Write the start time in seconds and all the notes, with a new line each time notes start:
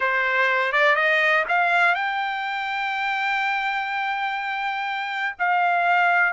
0.00 C5
0.72 D5
0.95 D#5
1.48 F5
1.94 G5
5.39 F5